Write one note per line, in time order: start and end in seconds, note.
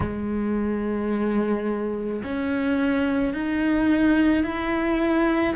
0.00 2.22 G#3
2.23 3.33 C#4
3.33 4.43 D#4
4.43 5.54 E4